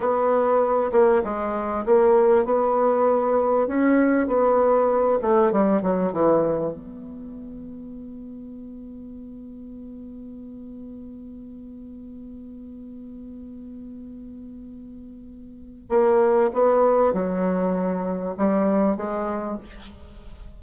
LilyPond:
\new Staff \with { instrumentName = "bassoon" } { \time 4/4 \tempo 4 = 98 b4. ais8 gis4 ais4 | b2 cis'4 b4~ | b8 a8 g8 fis8 e4 b4~ | b1~ |
b1~ | b1~ | b2 ais4 b4 | fis2 g4 gis4 | }